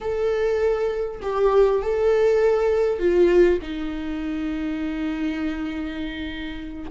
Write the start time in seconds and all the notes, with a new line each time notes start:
0.00 A4
1.22 G4
1.81 A4
2.99 F4
3.62 D#4